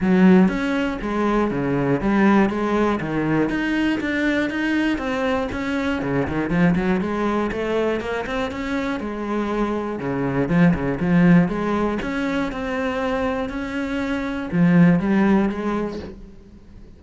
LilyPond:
\new Staff \with { instrumentName = "cello" } { \time 4/4 \tempo 4 = 120 fis4 cis'4 gis4 cis4 | g4 gis4 dis4 dis'4 | d'4 dis'4 c'4 cis'4 | cis8 dis8 f8 fis8 gis4 a4 |
ais8 c'8 cis'4 gis2 | cis4 f8 cis8 f4 gis4 | cis'4 c'2 cis'4~ | cis'4 f4 g4 gis4 | }